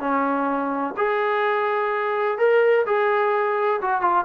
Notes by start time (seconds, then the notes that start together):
0.00 C#4
0.97 G#4
2.38 A#4
2.86 G#4
3.82 F#4
4.02 F4